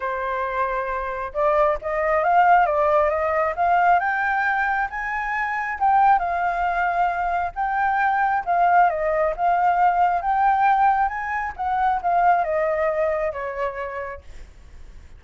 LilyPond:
\new Staff \with { instrumentName = "flute" } { \time 4/4 \tempo 4 = 135 c''2. d''4 | dis''4 f''4 d''4 dis''4 | f''4 g''2 gis''4~ | gis''4 g''4 f''2~ |
f''4 g''2 f''4 | dis''4 f''2 g''4~ | g''4 gis''4 fis''4 f''4 | dis''2 cis''2 | }